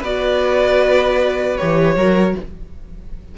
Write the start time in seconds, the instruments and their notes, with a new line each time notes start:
0.00 cello B3, viola F#4, violin B4 D5
1.57 cello E3, viola G4, violin C#5
1.96 cello F#3, viola F#4, violin A#4